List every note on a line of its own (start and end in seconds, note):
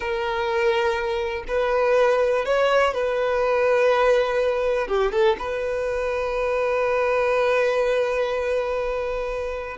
0.00 1.43 A#4
1.47 2.45 B4
2.45 2.94 C#5
2.94 4.87 B4
4.87 5.12 G4
5.12 5.36 A4
5.38 9.77 B4